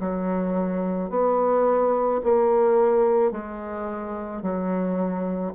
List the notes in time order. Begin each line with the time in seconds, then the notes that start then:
0.00 F#3
1.10 B3
2.24 A#3
3.32 G#3
4.42 F#3